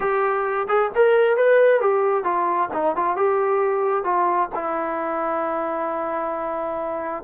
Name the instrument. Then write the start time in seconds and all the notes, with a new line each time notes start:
trombone
0.00 G4
0.68 G#4
0.95 A#4
1.37 B4
1.80 G4
2.24 F4
2.73 D#4
2.95 F4
3.16 G4
4.04 F4
4.54 E4